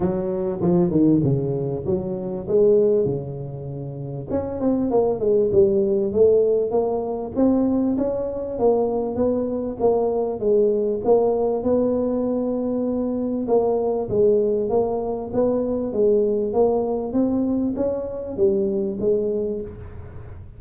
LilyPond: \new Staff \with { instrumentName = "tuba" } { \time 4/4 \tempo 4 = 98 fis4 f8 dis8 cis4 fis4 | gis4 cis2 cis'8 c'8 | ais8 gis8 g4 a4 ais4 | c'4 cis'4 ais4 b4 |
ais4 gis4 ais4 b4~ | b2 ais4 gis4 | ais4 b4 gis4 ais4 | c'4 cis'4 g4 gis4 | }